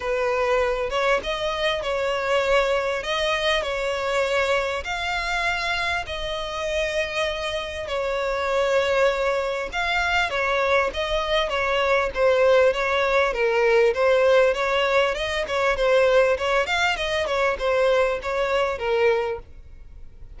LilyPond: \new Staff \with { instrumentName = "violin" } { \time 4/4 \tempo 4 = 99 b'4. cis''8 dis''4 cis''4~ | cis''4 dis''4 cis''2 | f''2 dis''2~ | dis''4 cis''2. |
f''4 cis''4 dis''4 cis''4 | c''4 cis''4 ais'4 c''4 | cis''4 dis''8 cis''8 c''4 cis''8 f''8 | dis''8 cis''8 c''4 cis''4 ais'4 | }